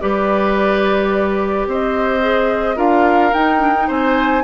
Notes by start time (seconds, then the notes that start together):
0.00 G3 G4 B4 D5
1.66 C4 C5 D#5
2.20 G#4
2.75 D4 F4 A#4 F5
3.33 D#4 G5
3.59 D4
3.75 D#4
3.87 C4 C5 G#5